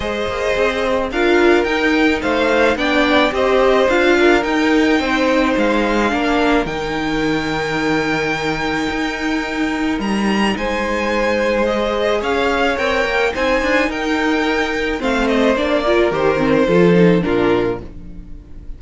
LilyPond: <<
  \new Staff \with { instrumentName = "violin" } { \time 4/4 \tempo 4 = 108 dis''2 f''4 g''4 | f''4 g''4 dis''4 f''4 | g''2 f''2 | g''1~ |
g''2 ais''4 gis''4~ | gis''4 dis''4 f''4 g''4 | gis''4 g''2 f''8 dis''8 | d''4 c''2 ais'4 | }
  \new Staff \with { instrumentName = "violin" } { \time 4/4 c''2 ais'2 | c''4 d''4 c''4. ais'8~ | ais'4 c''2 ais'4~ | ais'1~ |
ais'2. c''4~ | c''2 cis''2 | c''4 ais'2 c''4~ | c''8 ais'4. a'4 f'4 | }
  \new Staff \with { instrumentName = "viola" } { \time 4/4 gis'2 f'4 dis'4~ | dis'4 d'4 g'4 f'4 | dis'2. d'4 | dis'1~ |
dis'1~ | dis'4 gis'2 ais'4 | dis'2. c'4 | d'8 f'8 g'8 c'8 f'8 dis'8 d'4 | }
  \new Staff \with { instrumentName = "cello" } { \time 4/4 gis8 ais8 c'4 d'4 dis'4 | a4 b4 c'4 d'4 | dis'4 c'4 gis4 ais4 | dis1 |
dis'2 g4 gis4~ | gis2 cis'4 c'8 ais8 | c'8 d'8 dis'2 a4 | ais4 dis4 f4 ais,4 | }
>>